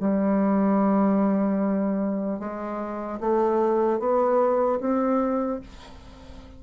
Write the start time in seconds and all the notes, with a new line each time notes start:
0.00 G3
2.40 G#3
3.20 A3
4.00 B3
4.80 C4